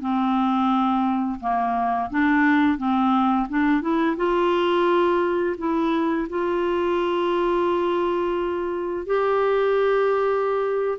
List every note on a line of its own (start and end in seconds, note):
0.00 1.40 C4
1.40 2.10 A#3
2.10 2.77 D4
2.77 3.47 C4
3.49 3.81 D4
3.81 4.16 E4
4.17 5.56 F4
5.58 6.28 E4
6.29 9.06 F4
9.06 10.98 G4